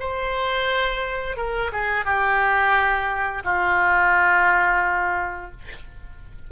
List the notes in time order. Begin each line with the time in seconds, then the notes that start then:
0.00 C5
1.37 A#4
1.72 G#4
2.05 G4
3.45 F4